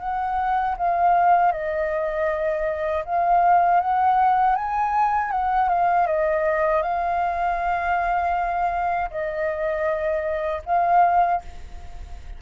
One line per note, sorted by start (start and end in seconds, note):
0.00 0.76 F#5
0.78 1.52 F5
1.52 3.04 D#5
3.06 3.81 F5
3.81 4.56 F#5
4.56 5.32 G#5
5.32 5.70 F#5
5.70 6.08 F5
6.08 6.83 D#5
6.83 9.11 F5
9.11 10.63 D#5
10.66 11.42 F5